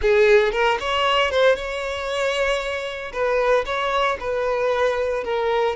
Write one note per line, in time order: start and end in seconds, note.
0.01 0.52 G#4
0.52 0.78 A#4
0.79 1.30 C#5
1.30 1.55 C5
1.55 3.12 C#5
3.12 3.65 B4
3.65 4.17 C#5
4.20 5.23 B4
5.23 5.75 A#4